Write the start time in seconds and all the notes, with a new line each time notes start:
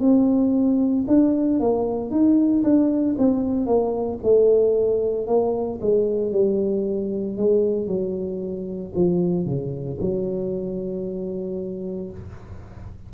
0.00 C4
1.07 D4
1.60 A#3
2.11 D#4
2.64 D4
3.18 C4
3.67 A#3
4.23 A3
5.27 A#3
5.81 G#3
6.32 G3
7.37 G#3
7.87 F#3
8.95 F3
9.46 C#3
10.00 F#3